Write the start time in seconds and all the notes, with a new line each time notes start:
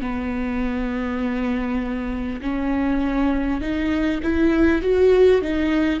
0.00 B3
2.41 C#4
3.61 D#4
4.22 E4
4.82 F#4
5.41 D#4